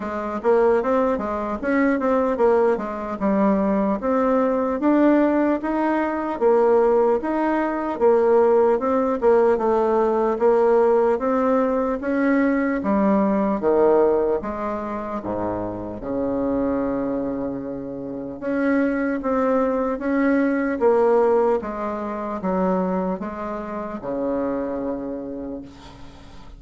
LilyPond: \new Staff \with { instrumentName = "bassoon" } { \time 4/4 \tempo 4 = 75 gis8 ais8 c'8 gis8 cis'8 c'8 ais8 gis8 | g4 c'4 d'4 dis'4 | ais4 dis'4 ais4 c'8 ais8 | a4 ais4 c'4 cis'4 |
g4 dis4 gis4 gis,4 | cis2. cis'4 | c'4 cis'4 ais4 gis4 | fis4 gis4 cis2 | }